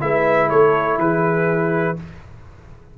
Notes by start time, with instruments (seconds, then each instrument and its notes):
0.00 tuba G#3, trombone E4, horn B4, trumpet E5
0.49 tuba A3, horn A4, trumpet C#5
0.98 tuba E3, horn G#4, trumpet B4